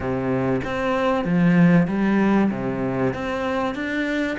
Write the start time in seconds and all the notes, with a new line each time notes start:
0.00 C3
0.64 C4
1.24 F3
1.88 G3
2.51 C3
3.13 C4
3.74 D4